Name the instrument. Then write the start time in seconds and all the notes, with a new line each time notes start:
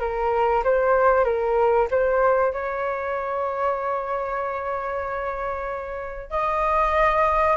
flute
0.00 A#4
0.64 C5
1.24 A#4
1.91 C5
2.53 C#5
6.30 D#5